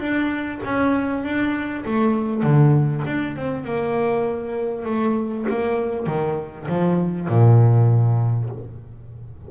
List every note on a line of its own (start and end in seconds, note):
0.00 0.61 D4
0.64 1.24 C#4
1.24 1.84 D4
1.85 2.43 A3
2.43 3.03 D3
3.06 3.36 D4
3.36 3.64 C4
3.64 4.85 A#3
4.85 5.46 A3
5.49 6.06 A#3
6.06 6.67 D#3
6.68 7.28 F3
7.28 8.50 A#2